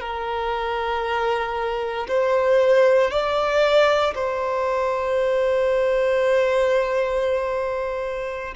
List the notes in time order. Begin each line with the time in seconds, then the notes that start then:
0.00 A#4
2.07 C5
3.10 D5
4.15 C5